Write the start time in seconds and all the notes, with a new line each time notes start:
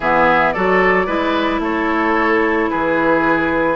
0.00 E3 B3 G#4 E5
0.52 F#3 F#4 A4 D5
1.06 G#3 E4 B4
1.59 A3 A4 C#5
2.70 E3 G#4 B4